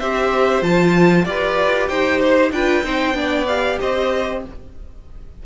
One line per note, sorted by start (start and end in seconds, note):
0.00 0.62 C4
0.00 0.62 G4
0.00 1.26 C5
0.00 0.63 E5
0.62 1.25 F3
0.62 1.25 F4
0.62 1.25 A5
1.25 1.89 F4
1.25 2.53 G4
1.25 1.89 B4
1.25 1.88 D5
1.89 2.52 D#4
1.89 2.52 C5
1.89 2.20 G5
2.20 2.52 C5
2.52 2.83 D4
2.52 2.84 F4
2.52 2.86 B4
2.52 3.47 G5
2.83 3.14 C4
2.83 3.14 D#4
2.83 3.17 C5
3.14 3.77 B3
3.14 3.45 D4
3.14 3.80 D5
3.47 4.44 G4
3.47 3.79 F5
3.80 4.45 C4
3.80 4.43 C5
3.80 4.44 D#5